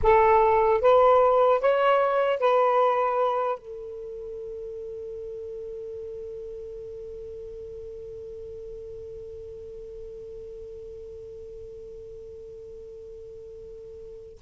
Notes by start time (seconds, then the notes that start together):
0.03 A4
0.81 B4
1.60 C#5
2.39 B4
3.58 A4